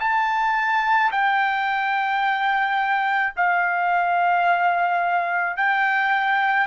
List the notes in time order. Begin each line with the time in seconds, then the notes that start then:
0.00 A5
1.12 G5
3.36 F5
5.57 G5